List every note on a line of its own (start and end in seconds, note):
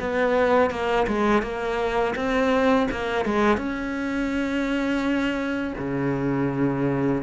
0.00 0.70 B3
0.70 1.06 A#3
1.07 1.42 G#3
1.42 2.15 A#3
2.15 2.88 C4
2.91 3.25 A#3
3.25 3.57 G#3
3.57 5.74 C#4
5.78 7.23 C#3